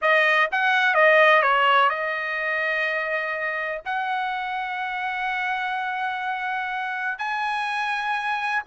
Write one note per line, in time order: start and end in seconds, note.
0.01 0.49 D#5
0.51 0.94 F#5
0.94 1.42 D#5
1.42 1.89 C#5
1.89 3.81 D#5
3.85 7.18 F#5
7.18 8.62 G#5